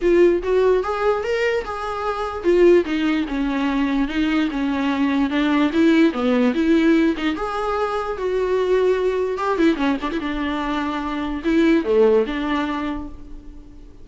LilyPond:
\new Staff \with { instrumentName = "viola" } { \time 4/4 \tempo 4 = 147 f'4 fis'4 gis'4 ais'4 | gis'2 f'4 dis'4 | cis'2 dis'4 cis'4~ | cis'4 d'4 e'4 b4 |
e'4. dis'8 gis'2 | fis'2. g'8 e'8 | cis'8 d'16 e'16 d'2. | e'4 a4 d'2 | }